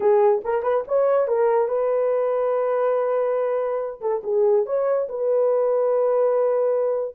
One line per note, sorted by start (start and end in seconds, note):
0.00 0.42 G#4
0.44 0.62 A#4
0.62 0.84 B4
0.87 1.27 C#5
1.27 1.68 A#4
1.68 4.00 B4
4.00 4.22 A4
4.23 4.65 G#4
4.66 5.08 C#5
5.08 7.15 B4